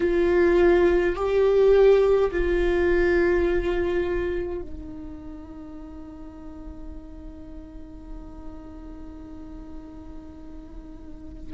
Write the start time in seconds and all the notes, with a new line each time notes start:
0.00 F4
1.15 G4
2.31 F4
4.62 D#4